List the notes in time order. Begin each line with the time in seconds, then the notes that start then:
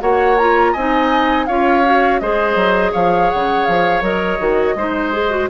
0.00 A#3 F#4 C#5 F#5
0.37 F4 A#5
0.72 C4 D#4 D#5 G#5
1.46 C#4 F4 C#5 F5
1.84 F#4
2.19 G#3 G#4 C5 D#5
2.55 F#3
2.92 F3 C#5 F5
3.30 C#3 F#5
3.65 F3 F5
4.02 F#3 A#4 D#5
4.39 D#3 F#4
4.75 G#3 D#4 C5
5.12 G#4
5.30 F#4